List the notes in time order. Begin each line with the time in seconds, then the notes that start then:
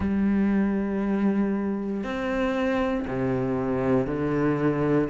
0.00 G3
2.03 C4
3.07 C3
4.07 D3